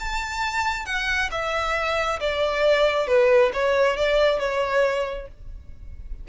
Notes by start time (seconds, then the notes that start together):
0.00 A5
0.86 F#5
1.31 E5
2.20 D5
3.08 B4
3.54 C#5
3.97 D5
4.40 C#5